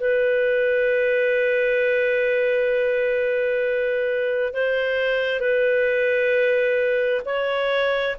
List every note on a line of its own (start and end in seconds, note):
0.00 4.53 B4
4.53 5.40 C5
5.40 7.22 B4
7.25 8.16 C#5